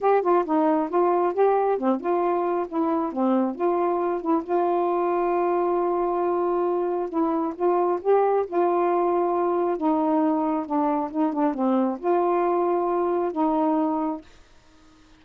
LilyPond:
\new Staff \with { instrumentName = "saxophone" } { \time 4/4 \tempo 4 = 135 g'8 f'8 dis'4 f'4 g'4 | c'8 f'4. e'4 c'4 | f'4. e'8 f'2~ | f'1 |
e'4 f'4 g'4 f'4~ | f'2 dis'2 | d'4 dis'8 d'8 c'4 f'4~ | f'2 dis'2 | }